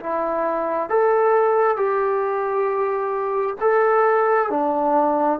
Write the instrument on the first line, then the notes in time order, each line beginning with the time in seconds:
trombone
0.00 E4
0.89 A4
1.77 G4
3.61 A4
4.50 D4